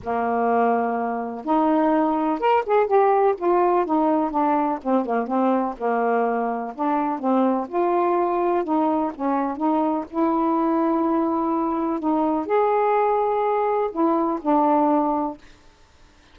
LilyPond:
\new Staff \with { instrumentName = "saxophone" } { \time 4/4 \tempo 4 = 125 ais2. dis'4~ | dis'4 ais'8 gis'8 g'4 f'4 | dis'4 d'4 c'8 ais8 c'4 | ais2 d'4 c'4 |
f'2 dis'4 cis'4 | dis'4 e'2.~ | e'4 dis'4 gis'2~ | gis'4 e'4 d'2 | }